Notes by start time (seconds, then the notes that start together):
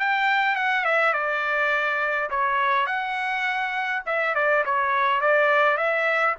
0.00 G5
0.56 F#5
0.85 E5
1.14 D5
2.30 C#5
2.87 F#5
4.06 E5
4.35 D5
4.66 C#5
5.21 D5
5.77 E5